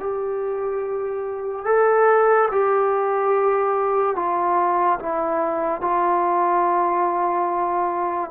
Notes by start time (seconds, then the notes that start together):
0.00 G4
1.66 A4
2.51 G4
4.16 F4
4.99 E4
5.81 F4